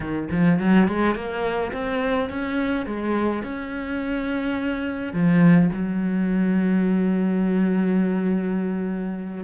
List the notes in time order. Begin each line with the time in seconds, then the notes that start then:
0.00 D#3
0.30 F3
0.59 F#3
0.88 G#3
1.15 A#3
1.72 C4
2.29 C#4
2.86 G#3
3.43 C#4
5.13 F3
5.72 F#3